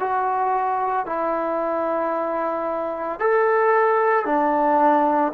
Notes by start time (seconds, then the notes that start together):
0.00 F#4
1.06 E4
3.20 A4
4.26 D4